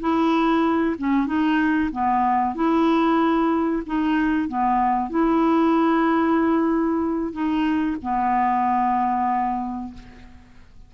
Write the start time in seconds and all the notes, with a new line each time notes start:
0.00 E4
0.98 C#4
1.26 D#4
1.91 B3
2.55 E4
3.86 D#4
4.48 B3
5.09 E4
7.32 D#4
8.02 B3